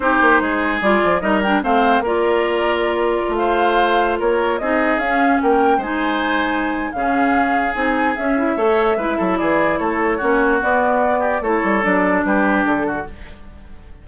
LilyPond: <<
  \new Staff \with { instrumentName = "flute" } { \time 4/4 \tempo 4 = 147 c''2 d''4 dis''8 g''8 | f''4 d''2.~ | d''16 f''2 cis''4 dis''8.~ | dis''16 f''4 g''4 gis''4.~ gis''16~ |
gis''4 f''2 gis''4 | e''2. d''4 | cis''2 d''2 | cis''4 d''4 b'4 a'4 | }
  \new Staff \with { instrumentName = "oboe" } { \time 4/4 g'4 gis'2 ais'4 | c''4 ais'2.~ | ais'16 c''2 ais'4 gis'8.~ | gis'4~ gis'16 ais'4 c''4.~ c''16~ |
c''4 gis'2.~ | gis'4 cis''4 b'8 a'8 gis'4 | a'4 fis'2~ fis'8 g'8 | a'2 g'4. fis'8 | }
  \new Staff \with { instrumentName = "clarinet" } { \time 4/4 dis'2 f'4 dis'8 d'8 | c'4 f'2.~ | f'2.~ f'16 dis'8.~ | dis'16 cis'2 dis'4.~ dis'16~ |
dis'4 cis'2 dis'4 | cis'8 e'8 a'4 e'2~ | e'4 cis'4 b2 | e'4 d'2. | }
  \new Staff \with { instrumentName = "bassoon" } { \time 4/4 c'8 ais8 gis4 g8 f8 g4 | a4 ais2. | a2~ a16 ais4 c'8.~ | c'16 cis'4 ais4 gis4.~ gis16~ |
gis4 cis2 c'4 | cis'4 a4 gis8 fis8 e4 | a4 ais4 b2 | a8 g8 fis4 g4 d4 | }
>>